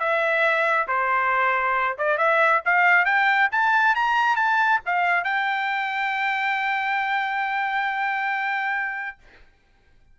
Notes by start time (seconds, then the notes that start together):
0.00 E5
0.88 C5
1.99 D5
2.18 E5
2.66 F5
3.06 G5
3.52 A5
3.96 A#5
4.36 A5
4.86 F5
5.24 G5